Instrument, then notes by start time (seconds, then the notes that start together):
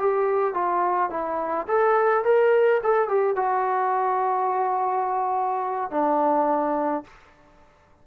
trombone
0.00 G4
0.55 F4
1.11 E4
1.68 A4
2.25 A#4
2.84 A4
3.09 G4
3.37 F#4
5.91 D4